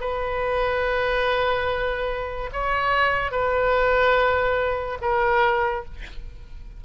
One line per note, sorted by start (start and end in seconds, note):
0.00 2.50 B4
2.52 3.31 C#5
3.31 4.98 B4
5.01 5.84 A#4